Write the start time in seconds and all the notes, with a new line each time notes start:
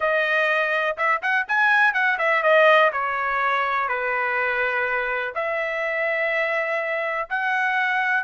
0.00 D#5
0.97 E5
1.22 F#5
1.48 G#5
1.93 F#5
2.18 E5
2.42 D#5
2.92 C#5
3.88 B4
5.34 E5
7.29 F#5